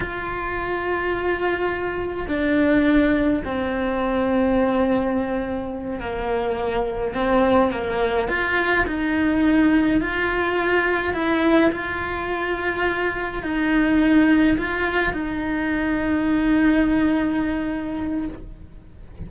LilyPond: \new Staff \with { instrumentName = "cello" } { \time 4/4 \tempo 4 = 105 f'1 | d'2 c'2~ | c'2~ c'8 ais4.~ | ais8 c'4 ais4 f'4 dis'8~ |
dis'4. f'2 e'8~ | e'8 f'2. dis'8~ | dis'4. f'4 dis'4.~ | dis'1 | }